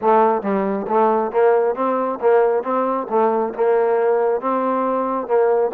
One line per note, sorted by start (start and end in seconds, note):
0.01 0.42 A3
0.42 0.86 G3
0.87 1.31 A3
1.31 1.75 A#3
1.75 2.19 C4
2.21 2.63 A#3
2.63 3.07 C4
3.09 3.53 A3
3.54 4.40 A#3
4.40 5.27 C4
5.27 5.71 A#3